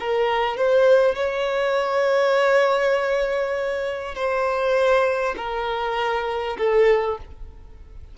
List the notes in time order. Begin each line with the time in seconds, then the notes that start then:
0.00 A#4
0.58 C5
1.16 C#5
4.16 C5
5.38 A#4
6.58 A4